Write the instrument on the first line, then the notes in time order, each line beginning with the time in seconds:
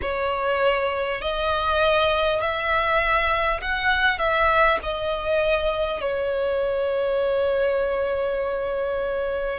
violin
0.01 C#5
1.21 D#5
2.40 E5
3.61 F#5
4.18 E5
4.83 D#5
6.01 C#5